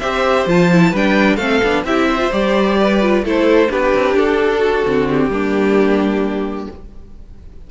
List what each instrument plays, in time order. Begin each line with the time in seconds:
0.00 cello C4, viola G4, violin C5 E5
0.47 cello F3, viola F4, violin A5
0.72 viola E4
0.91 cello G3, viola D4, violin B4
0.97 violin G5
1.37 cello A3, viola C4, violin A4 F5
1.64 cello B3, viola D4
1.85 cello C4, viola E4, violin G4 E5
2.09 violin C5
2.19 viola F4
2.32 cello G3, viola G4, violin D5
2.80 violin B4
3.01 viola F4
3.23 cello A3, viola E4, violin A4 C5
3.68 cello B3, viola D4, violin G4 B4
3.95 cello C4
4.15 cello D4, violin A4
4.59 violin F#4
4.86 cello D3, viola C4
5.10 violin G4
5.29 cello G3, viola A#3, violin D4